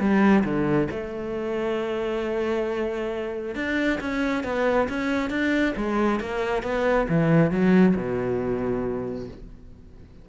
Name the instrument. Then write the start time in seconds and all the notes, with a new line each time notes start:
cello
0.00 G3
0.44 D3
0.91 A3
3.56 D4
4.00 C#4
4.44 B3
4.89 C#4
5.30 D4
5.77 G#3
6.20 A#3
6.63 B3
7.09 E3
7.51 F#3
7.96 B2